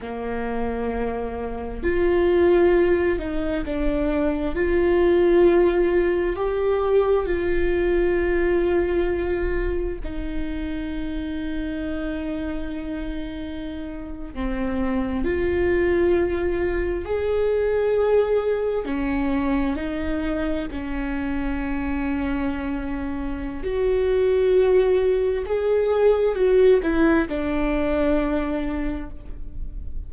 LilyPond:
\new Staff \with { instrumentName = "viola" } { \time 4/4 \tempo 4 = 66 ais2 f'4. dis'8 | d'4 f'2 g'4 | f'2. dis'4~ | dis'2.~ dis'8. c'16~ |
c'8. f'2 gis'4~ gis'16~ | gis'8. cis'4 dis'4 cis'4~ cis'16~ | cis'2 fis'2 | gis'4 fis'8 e'8 d'2 | }